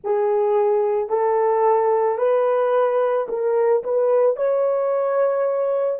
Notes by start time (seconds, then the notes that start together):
0.03 G#4
1.09 A4
2.18 B4
3.28 A#4
3.83 B4
4.36 C#5